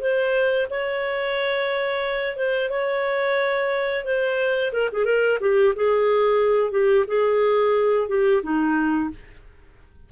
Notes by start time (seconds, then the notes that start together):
0.00 C5
0.70 C#5
2.37 C5
2.70 C#5
4.05 C5
4.73 A#4
4.93 G#4
5.05 A#4
5.41 G4
5.76 G#4
6.72 G4
7.08 G#4
8.09 G4
8.43 D#4